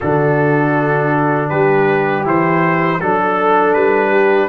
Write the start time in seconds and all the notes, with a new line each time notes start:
0.00 D3 D4 F#4 A4
1.49 G3 G4 B4
2.24 E3 E4 C5
3.00 F#3 D4 A4
3.73 G3 B4
4.10 G4